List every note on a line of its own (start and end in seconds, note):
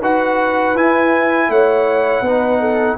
0.00 0.75 D#4
0.00 0.77 F#4
0.00 1.48 B4
0.00 0.77 F#5
0.75 1.49 E4
0.75 2.25 E4
0.75 1.51 G#5
1.49 2.22 A3
1.49 2.25 C#5
1.49 2.98 F#5
2.22 2.96 B3
2.22 2.98 D#4
2.22 2.60 B4
2.60 2.97 A4